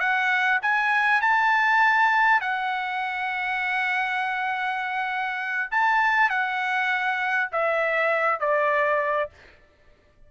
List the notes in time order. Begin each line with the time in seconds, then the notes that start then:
0.00 F#5
0.62 G#5
1.21 A5
2.41 F#5
5.72 A5
6.30 F#5
7.52 E5
8.41 D5